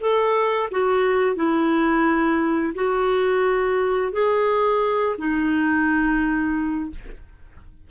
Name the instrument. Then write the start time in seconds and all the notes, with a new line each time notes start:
clarinet
0.00 A4
0.71 F#4
1.35 E4
2.75 F#4
4.12 G#4
5.18 D#4